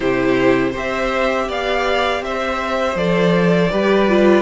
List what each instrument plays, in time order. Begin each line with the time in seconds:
0.00 cello C3, viola E4, violin G4 C5
0.71 cello C4, viola G4, violin C5
0.77 violin E5
1.48 cello B3, violin D5 F5
2.21 cello C4, violin C5 E5
2.95 cello F3, viola A4, violin D5
3.71 cello G3, viola G4, violin B4
4.08 viola F4